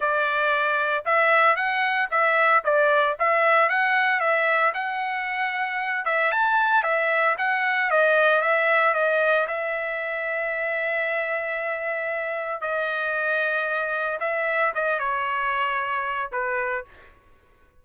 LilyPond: \new Staff \with { instrumentName = "trumpet" } { \time 4/4 \tempo 4 = 114 d''2 e''4 fis''4 | e''4 d''4 e''4 fis''4 | e''4 fis''2~ fis''8 e''8 | a''4 e''4 fis''4 dis''4 |
e''4 dis''4 e''2~ | e''1 | dis''2. e''4 | dis''8 cis''2~ cis''8 b'4 | }